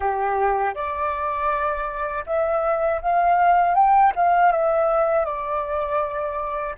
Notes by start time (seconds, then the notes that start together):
0.00 G4
0.74 D5
2.26 E5
3.01 F5
3.74 G5
4.15 F5
4.51 E5
5.25 D5